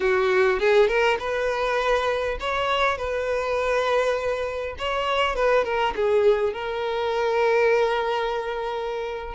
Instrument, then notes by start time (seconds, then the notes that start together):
violin
0.00 F#4
0.59 G#4
0.87 A#4
1.19 B4
2.40 C#5
2.97 B4
4.78 C#5
5.35 B4
5.64 A#4
5.95 G#4
6.53 A#4